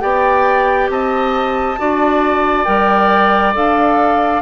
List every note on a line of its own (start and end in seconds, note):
0.00 0.89 B3
0.00 1.76 G4
0.00 0.90 D5
0.00 0.88 G5
0.89 1.77 C4
0.89 1.79 D#5
0.89 2.64 A5
1.77 2.67 D4
1.77 2.65 F#4
1.77 4.42 D5
2.64 3.55 G3
2.64 3.53 A#4
2.64 3.53 G5
3.53 4.42 D4
3.53 4.42 A4
3.53 4.42 F5